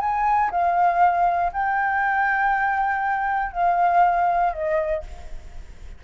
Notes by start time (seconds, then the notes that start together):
0.00 G#5
0.51 F5
1.53 G5
3.52 F5
4.53 D#5